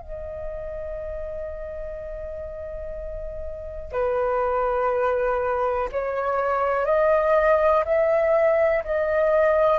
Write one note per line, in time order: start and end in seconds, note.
0.00 3.92 D#5
3.92 5.88 B4
5.92 6.85 C#5
6.85 7.83 D#5
7.85 8.83 E5
8.84 9.79 D#5